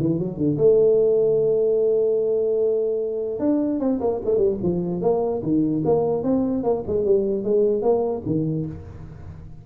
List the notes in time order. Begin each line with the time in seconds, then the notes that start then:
0.00 E3
0.19 F#3
0.38 D3
0.58 A3
3.40 D4
3.80 C4
4.01 A#3
4.25 A3
4.37 G3
4.63 F3
5.02 A#3
5.43 D#3
5.86 A#3
6.24 C4
6.64 A#3
6.87 G#3
7.05 G3
7.44 G#3
7.82 A#3
8.26 D#3